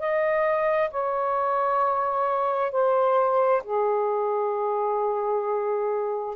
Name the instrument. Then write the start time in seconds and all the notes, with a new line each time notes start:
saxophone
0.00 D#5
0.91 C#5
2.72 C5
3.64 G#4